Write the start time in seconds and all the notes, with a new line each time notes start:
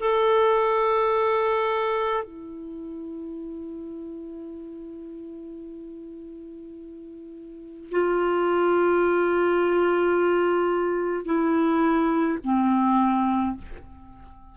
0.00 A4
2.23 E4
7.91 F4
11.25 E4
12.44 C4